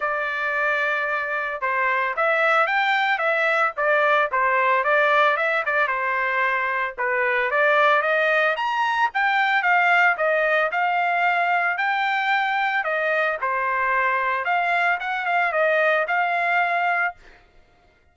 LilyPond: \new Staff \with { instrumentName = "trumpet" } { \time 4/4 \tempo 4 = 112 d''2. c''4 | e''4 g''4 e''4 d''4 | c''4 d''4 e''8 d''8 c''4~ | c''4 b'4 d''4 dis''4 |
ais''4 g''4 f''4 dis''4 | f''2 g''2 | dis''4 c''2 f''4 | fis''8 f''8 dis''4 f''2 | }